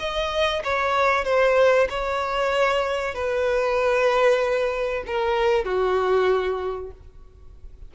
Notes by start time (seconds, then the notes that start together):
0.00 D#5
0.64 C#5
1.25 C5
1.90 C#5
3.15 B4
5.07 A#4
5.65 F#4